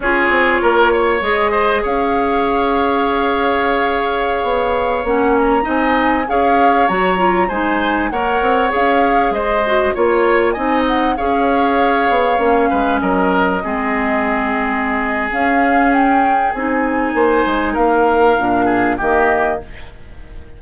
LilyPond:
<<
  \new Staff \with { instrumentName = "flute" } { \time 4/4 \tempo 4 = 98 cis''2 dis''4 f''4~ | f''1~ | f''16 fis''8 ais''8 gis''4 f''4 ais''8.~ | ais''16 gis''4 fis''4 f''4 dis''8.~ |
dis''16 cis''4 gis''8 fis''8 f''4.~ f''16~ | f''4~ f''16 dis''2~ dis''8.~ | dis''4 f''4 g''4 gis''4~ | gis''4 f''2 dis''4 | }
  \new Staff \with { instrumentName = "oboe" } { \time 4/4 gis'4 ais'8 cis''4 c''8 cis''4~ | cis''1~ | cis''4~ cis''16 dis''4 cis''4.~ cis''16~ | cis''16 c''4 cis''2 c''8.~ |
c''16 cis''4 dis''4 cis''4.~ cis''16~ | cis''8. b'8 ais'4 gis'4.~ gis'16~ | gis'1 | c''4 ais'4. gis'8 g'4 | }
  \new Staff \with { instrumentName = "clarinet" } { \time 4/4 f'2 gis'2~ | gis'1~ | gis'16 cis'4 dis'4 gis'4 fis'8 f'16~ | f'16 dis'4 ais'4 gis'4. fis'16~ |
fis'16 f'4 dis'4 gis'4.~ gis'16~ | gis'16 cis'2 c'4.~ c'16~ | c'4 cis'2 dis'4~ | dis'2 d'4 ais4 | }
  \new Staff \with { instrumentName = "bassoon" } { \time 4/4 cis'8 c'8 ais4 gis4 cis'4~ | cis'2.~ cis'16 b8.~ | b16 ais4 c'4 cis'4 fis8.~ | fis16 gis4 ais8 c'8 cis'4 gis8.~ |
gis16 ais4 c'4 cis'4. b16~ | b16 ais8 gis8 fis4 gis4.~ gis16~ | gis4 cis'2 c'4 | ais8 gis8 ais4 ais,4 dis4 | }
>>